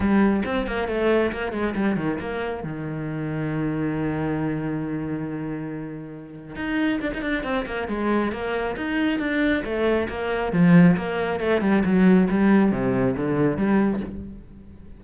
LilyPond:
\new Staff \with { instrumentName = "cello" } { \time 4/4 \tempo 4 = 137 g4 c'8 ais8 a4 ais8 gis8 | g8 dis8 ais4 dis2~ | dis1~ | dis2. dis'4 |
d'16 dis'16 d'8 c'8 ais8 gis4 ais4 | dis'4 d'4 a4 ais4 | f4 ais4 a8 g8 fis4 | g4 c4 d4 g4 | }